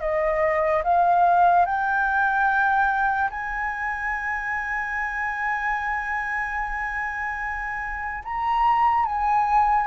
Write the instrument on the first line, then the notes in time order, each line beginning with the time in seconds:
flute
0.00 D#5
0.83 F5
1.65 G5
3.30 G#5
8.24 A#5
9.05 G#5